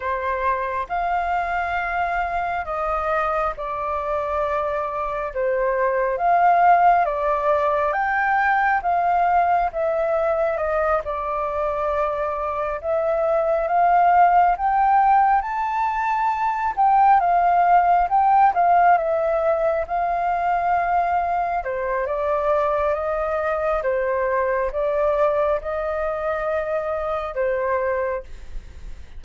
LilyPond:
\new Staff \with { instrumentName = "flute" } { \time 4/4 \tempo 4 = 68 c''4 f''2 dis''4 | d''2 c''4 f''4 | d''4 g''4 f''4 e''4 | dis''8 d''2 e''4 f''8~ |
f''8 g''4 a''4. g''8 f''8~ | f''8 g''8 f''8 e''4 f''4.~ | f''8 c''8 d''4 dis''4 c''4 | d''4 dis''2 c''4 | }